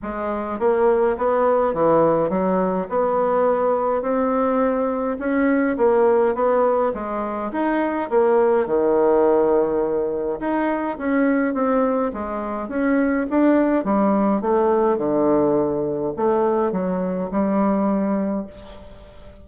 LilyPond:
\new Staff \with { instrumentName = "bassoon" } { \time 4/4 \tempo 4 = 104 gis4 ais4 b4 e4 | fis4 b2 c'4~ | c'4 cis'4 ais4 b4 | gis4 dis'4 ais4 dis4~ |
dis2 dis'4 cis'4 | c'4 gis4 cis'4 d'4 | g4 a4 d2 | a4 fis4 g2 | }